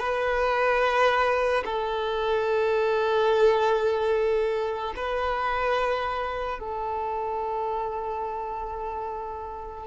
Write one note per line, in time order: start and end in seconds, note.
0.00 1.64 B4
1.66 4.94 A4
4.97 6.60 B4
6.60 9.87 A4